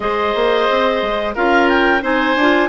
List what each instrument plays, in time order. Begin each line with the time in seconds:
0.00 bassoon G#3, clarinet G#4 D#5, oboe C5
0.34 bassoon A#3
0.69 bassoon C4
1.02 bassoon G#3
1.35 bassoon C#4, clarinet F4 F5, oboe A#4
1.68 clarinet G5
2.01 bassoon C4, clarinet D#4 G#5, oboe C5
2.35 bassoon D4, clarinet F4